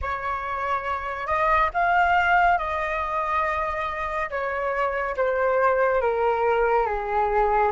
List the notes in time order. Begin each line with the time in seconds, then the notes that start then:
0.01 C#5
1.27 D#5
1.73 F5
2.58 D#5
4.30 C#5
5.17 C5
6.01 A#4
6.86 G#4